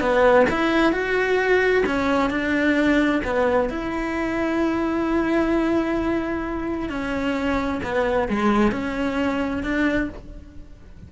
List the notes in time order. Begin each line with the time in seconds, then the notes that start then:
0.00 B3
0.50 E4
0.92 F#4
1.85 C#4
2.30 D4
3.24 B3
3.70 E4
6.89 C#4
7.83 B3
8.28 G#3
8.71 C#4
9.63 D4